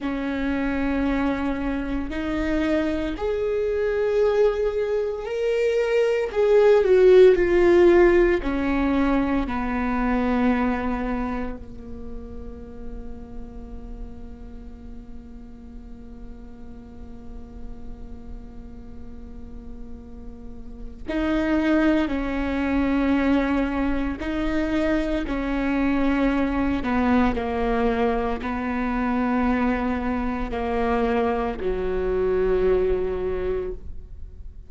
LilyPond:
\new Staff \with { instrumentName = "viola" } { \time 4/4 \tempo 4 = 57 cis'2 dis'4 gis'4~ | gis'4 ais'4 gis'8 fis'8 f'4 | cis'4 b2 ais4~ | ais1~ |
ais1 | dis'4 cis'2 dis'4 | cis'4. b8 ais4 b4~ | b4 ais4 fis2 | }